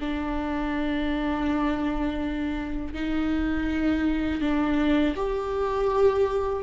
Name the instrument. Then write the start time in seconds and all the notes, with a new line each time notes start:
viola
0.00 D4
2.94 D#4
4.41 D4
5.16 G4